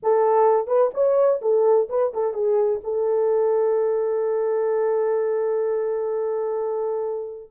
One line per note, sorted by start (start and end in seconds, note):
0.03 0.67 A4
0.67 0.90 B4
0.94 1.41 C#5
1.41 1.88 A4
1.89 2.12 B4
2.13 2.33 A4
2.33 2.80 G#4
2.83 7.50 A4